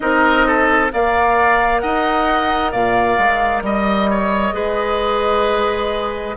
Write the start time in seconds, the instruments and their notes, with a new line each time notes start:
0.00 bassoon C4, clarinet D#4, oboe A#4, flute D#5
0.46 oboe A4
0.89 bassoon A#3, clarinet A#4, oboe D5, flute F5
1.79 bassoon D#4, oboe D#5, flute F#5
2.71 bassoon A#2, oboe D5, flute F5
3.18 bassoon G#3
3.62 bassoon G3, flute D#5, oboe D#5
4.09 oboe C#5
4.52 bassoon G#3, clarinet G#4, oboe B4